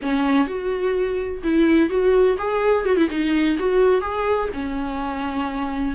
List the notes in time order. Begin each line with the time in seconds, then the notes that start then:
0.02 C#4
0.47 F#4
1.43 E4
1.89 F#4
2.37 G#4
2.85 F#4
2.97 E4
3.10 D#4
3.58 F#4
4.01 G#4
4.53 C#4